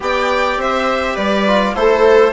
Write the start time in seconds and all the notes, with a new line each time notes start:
0.00 B3 G4 D5 G5
0.57 C4 C5 E5
1.14 G3 B4 D5
1.46 F4
1.74 A3 E4 A4 C5